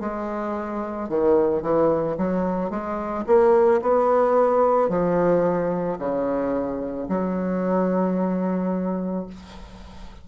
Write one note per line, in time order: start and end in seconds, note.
0.00 1.09 G#3
1.09 1.62 D#3
1.62 2.17 E3
2.17 2.70 F#3
2.70 3.25 G#3
3.26 3.81 A#3
3.82 4.89 B3
4.89 5.98 F3
5.99 7.08 C#3
7.09 9.27 F#3